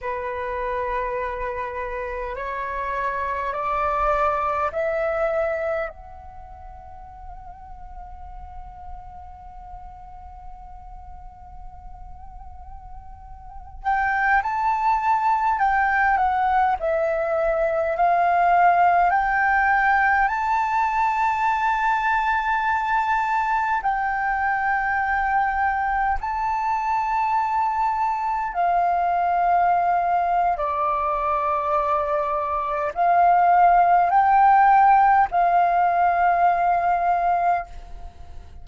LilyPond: \new Staff \with { instrumentName = "flute" } { \time 4/4 \tempo 4 = 51 b'2 cis''4 d''4 | e''4 fis''2.~ | fis''2.~ fis''8. g''16~ | g''16 a''4 g''8 fis''8 e''4 f''8.~ |
f''16 g''4 a''2~ a''8.~ | a''16 g''2 a''4.~ a''16~ | a''16 f''4.~ f''16 d''2 | f''4 g''4 f''2 | }